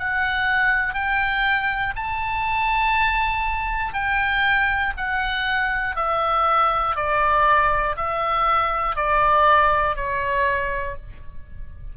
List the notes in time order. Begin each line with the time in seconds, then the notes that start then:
0.00 F#5
0.95 G5
1.96 A5
3.94 G5
4.97 F#5
5.96 E5
6.96 D5
7.97 E5
8.96 D5
9.96 C#5